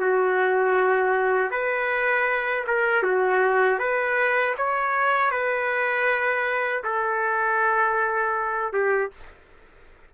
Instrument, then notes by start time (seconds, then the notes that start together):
trumpet
0.00 F#4
1.51 B4
2.67 A#4
3.03 F#4
3.79 B4
4.57 C#5
5.31 B4
6.84 A4
8.73 G4